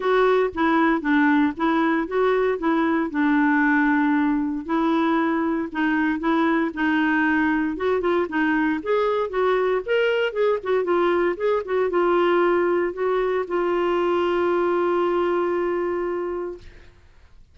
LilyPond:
\new Staff \with { instrumentName = "clarinet" } { \time 4/4 \tempo 4 = 116 fis'4 e'4 d'4 e'4 | fis'4 e'4 d'2~ | d'4 e'2 dis'4 | e'4 dis'2 fis'8 f'8 |
dis'4 gis'4 fis'4 ais'4 | gis'8 fis'8 f'4 gis'8 fis'8 f'4~ | f'4 fis'4 f'2~ | f'1 | }